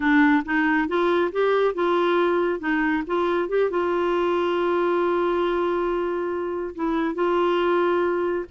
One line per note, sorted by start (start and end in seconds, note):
0.00 0.43 D4
0.45 0.88 D#4
0.88 1.31 F4
1.32 1.74 G4
1.74 2.59 F4
2.59 3.03 D#4
3.06 3.48 F4
3.48 3.70 G4
3.70 6.74 F4
6.75 7.14 E4
7.14 8.45 F4